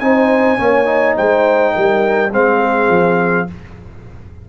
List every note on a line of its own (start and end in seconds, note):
0.00 0.58 C4
0.00 0.58 D#4
0.00 0.61 C5
0.00 1.15 G#5
0.58 1.17 A#3
0.58 0.85 C#4
0.58 1.16 C#5
0.85 2.30 D#4
1.16 1.76 G#3
1.16 1.74 C5
1.16 2.33 G5
1.74 2.32 G3
1.74 2.32 A#4
2.32 2.89 G#3
2.32 3.48 C4
2.32 2.61 C5
2.32 3.49 F5
2.61 3.48 G#4
2.89 3.46 F3